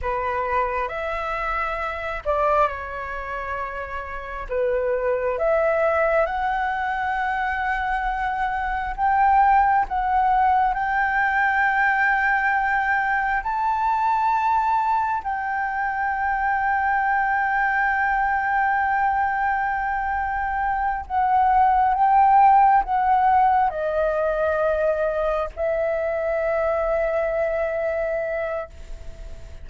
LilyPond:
\new Staff \with { instrumentName = "flute" } { \time 4/4 \tempo 4 = 67 b'4 e''4. d''8 cis''4~ | cis''4 b'4 e''4 fis''4~ | fis''2 g''4 fis''4 | g''2. a''4~ |
a''4 g''2.~ | g''2.~ g''8 fis''8~ | fis''8 g''4 fis''4 dis''4.~ | dis''8 e''2.~ e''8 | }